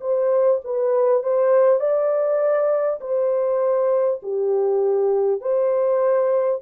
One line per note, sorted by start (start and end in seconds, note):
0.00 0.60 C5
0.64 1.23 B4
1.23 1.79 C5
1.79 2.99 D5
3.01 4.21 C5
4.22 5.41 G4
5.41 6.61 C5